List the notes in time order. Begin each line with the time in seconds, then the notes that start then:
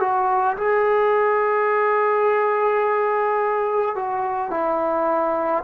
0.00 F#4
0.57 G#4
3.95 F#4
4.50 E4